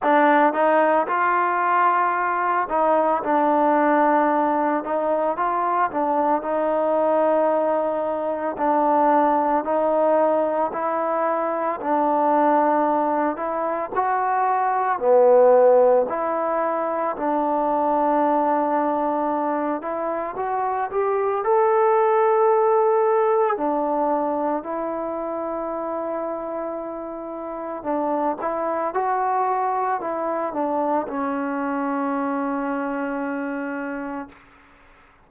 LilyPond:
\new Staff \with { instrumentName = "trombone" } { \time 4/4 \tempo 4 = 56 d'8 dis'8 f'4. dis'8 d'4~ | d'8 dis'8 f'8 d'8 dis'2 | d'4 dis'4 e'4 d'4~ | d'8 e'8 fis'4 b4 e'4 |
d'2~ d'8 e'8 fis'8 g'8 | a'2 d'4 e'4~ | e'2 d'8 e'8 fis'4 | e'8 d'8 cis'2. | }